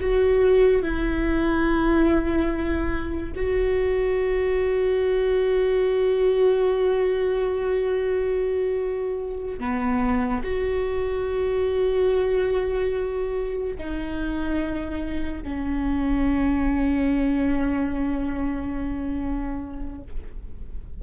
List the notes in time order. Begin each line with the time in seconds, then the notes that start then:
0.00 F#4
0.82 E4
3.36 F#4
9.59 B3
10.43 F#4
13.77 D#4
15.43 C#4